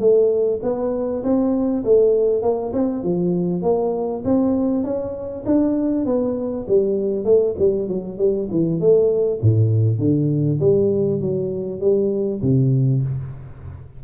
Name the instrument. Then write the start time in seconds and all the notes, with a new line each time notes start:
tuba
0.00 A3
0.63 B3
1.23 C4
1.85 A3
2.42 A#3
2.73 C4
3.04 F3
3.63 A#3
4.25 C4
4.84 C#4
5.46 D4
6.06 B3
6.68 G3
7.25 A3
7.59 G3
7.88 F#3
8.18 G3
8.51 E3
8.80 A3
9.42 A2
9.99 D3
10.60 G3
11.21 F#3
11.81 G3
12.42 C3